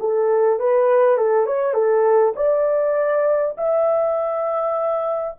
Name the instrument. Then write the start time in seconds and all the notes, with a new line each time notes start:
horn
0.00 A4
0.59 B4
1.17 A4
1.46 C#5
1.74 A4
2.36 D5
3.57 E5